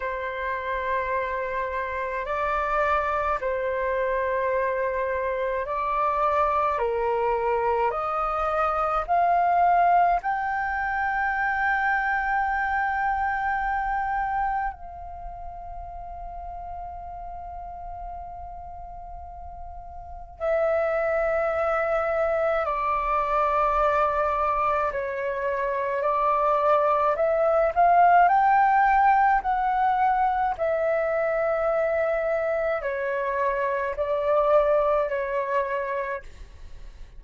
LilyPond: \new Staff \with { instrumentName = "flute" } { \time 4/4 \tempo 4 = 53 c''2 d''4 c''4~ | c''4 d''4 ais'4 dis''4 | f''4 g''2.~ | g''4 f''2.~ |
f''2 e''2 | d''2 cis''4 d''4 | e''8 f''8 g''4 fis''4 e''4~ | e''4 cis''4 d''4 cis''4 | }